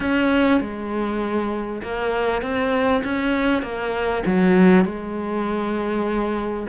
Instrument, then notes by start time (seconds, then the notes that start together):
cello
0.00 C#4
0.60 G#3
1.82 A#3
2.42 C4
3.04 C#4
3.62 A#3
4.26 F#3
4.85 G#3